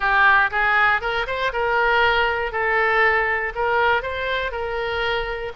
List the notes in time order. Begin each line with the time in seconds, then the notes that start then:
0.00 G4
0.50 G#4
1.01 A#4
1.27 C5
1.52 A#4
2.52 A4
3.55 A#4
4.02 C5
4.51 A#4